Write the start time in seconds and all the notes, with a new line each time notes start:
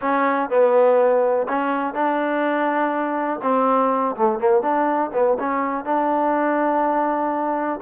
0.01 C#4
0.49 B3
1.48 C#4
1.94 D4
3.42 C4
4.16 A3
4.39 A#3
4.61 D4
5.13 B3
5.39 C#4
5.84 D4